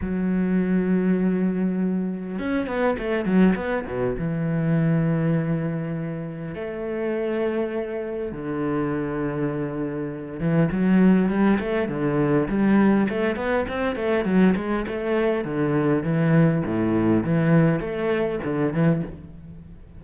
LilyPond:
\new Staff \with { instrumentName = "cello" } { \time 4/4 \tempo 4 = 101 fis1 | cis'8 b8 a8 fis8 b8 b,8 e4~ | e2. a4~ | a2 d2~ |
d4. e8 fis4 g8 a8 | d4 g4 a8 b8 c'8 a8 | fis8 gis8 a4 d4 e4 | a,4 e4 a4 d8 e8 | }